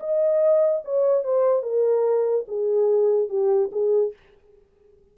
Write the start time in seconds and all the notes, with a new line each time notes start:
0.00 D#5
0.85 C#5
1.24 C5
1.63 A#4
2.48 G#4
3.29 G4
3.72 G#4